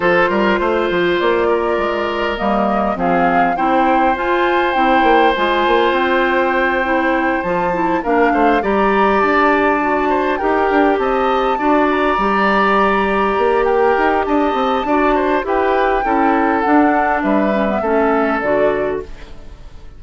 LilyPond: <<
  \new Staff \with { instrumentName = "flute" } { \time 4/4 \tempo 4 = 101 c''2 d''2 | dis''4 f''4 g''4 gis''4 | g''4 gis''4 g''2~ | g''8 a''4 f''4 ais''4 a''8~ |
a''4. g''4 a''4. | ais''2. g''4 | a''2 g''2 | fis''4 e''2 d''4 | }
  \new Staff \with { instrumentName = "oboe" } { \time 4/4 a'8 ais'8 c''4. ais'4.~ | ais'4 gis'4 c''2~ | c''1~ | c''4. ais'8 c''8 d''4.~ |
d''4 c''8 ais'4 dis''4 d''8~ | d''2. ais'4 | dis''4 d''8 c''8 b'4 a'4~ | a'4 b'4 a'2 | }
  \new Staff \with { instrumentName = "clarinet" } { \time 4/4 f'1 | ais4 c'4 e'4 f'4 | e'4 f'2~ f'8 e'8~ | e'8 f'8 e'8 d'4 g'4.~ |
g'8 fis'4 g'2 fis'8~ | fis'8 g'2.~ g'8~ | g'4 fis'4 g'4 e'4 | d'4. cis'16 b16 cis'4 fis'4 | }
  \new Staff \with { instrumentName = "bassoon" } { \time 4/4 f8 g8 a8 f8 ais4 gis4 | g4 f4 c'4 f'4 | c'8 ais8 gis8 ais8 c'2~ | c'8 f4 ais8 a8 g4 d'8~ |
d'4. dis'8 d'8 c'4 d'8~ | d'8 g2 ais4 dis'8 | d'8 c'8 d'4 e'4 cis'4 | d'4 g4 a4 d4 | }
>>